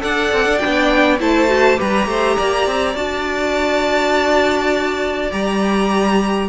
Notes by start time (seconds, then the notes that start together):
0.00 D4 A4 D5 F#5
0.33 C4
0.45 D4
0.58 D4 G5
0.65 B3
1.19 A3 E4 C5 A5
1.48 F#4
1.76 G3 G4 B4 A#5
2.07 A3 C5
2.36 A#3 D5
2.67 C4
2.95 D4 F#4 A5
5.31 G3 G4 A#5